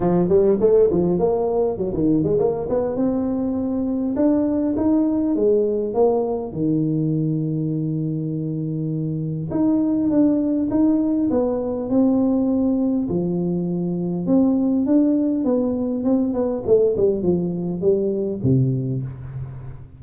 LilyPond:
\new Staff \with { instrumentName = "tuba" } { \time 4/4 \tempo 4 = 101 f8 g8 a8 f8 ais4 fis16 dis8 gis16 | ais8 b8 c'2 d'4 | dis'4 gis4 ais4 dis4~ | dis1 |
dis'4 d'4 dis'4 b4 | c'2 f2 | c'4 d'4 b4 c'8 b8 | a8 g8 f4 g4 c4 | }